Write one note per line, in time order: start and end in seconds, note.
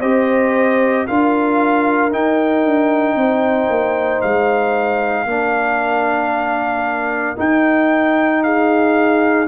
0.00 1.06 C4
0.00 1.07 G4
0.00 1.05 C5
0.00 1.06 D#5
1.07 2.12 D4
1.07 2.11 F4
1.07 3.17 A#4
1.07 2.12 F5
2.11 5.26 D#4
2.11 2.64 D#4
2.11 4.21 G5
2.64 3.15 D4
3.15 3.68 C4
3.15 5.27 C5
3.69 4.22 A#3
4.21 5.25 G#3
4.21 7.37 F5
5.25 7.36 A#3
5.25 7.36 D4
5.25 8.43 A#4
7.36 9.46 D#4
7.36 9.48 D#4
7.36 8.43 G5
8.43 9.48 G#4
8.43 9.48 F5